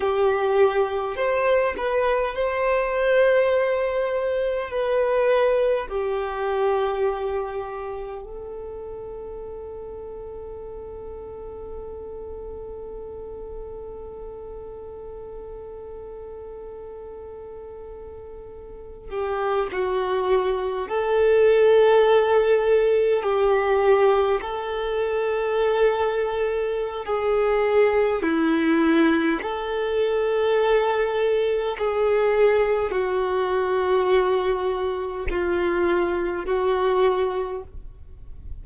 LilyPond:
\new Staff \with { instrumentName = "violin" } { \time 4/4 \tempo 4 = 51 g'4 c''8 b'8 c''2 | b'4 g'2 a'4~ | a'1~ | a'1~ |
a'16 g'8 fis'4 a'2 g'16~ | g'8. a'2~ a'16 gis'4 | e'4 a'2 gis'4 | fis'2 f'4 fis'4 | }